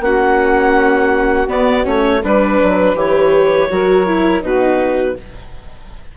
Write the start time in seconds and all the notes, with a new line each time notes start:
0.00 A#3 C#4 F#4 F#5
1.48 B3 D5
1.84 A3 C#4 C#5
2.22 G3 D4 B4
2.62 F#3
2.95 E3 G4 C#5
3.69 F#3 F#4 A#4
4.06 E4
4.42 B2 D#4 F#4 B4